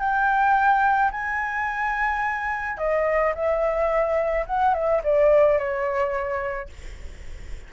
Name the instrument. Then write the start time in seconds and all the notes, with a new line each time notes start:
flute
0.00 G5
1.12 G#5
2.78 D#5
3.35 E5
4.47 F#5
4.74 E5
5.04 D5
5.59 C#5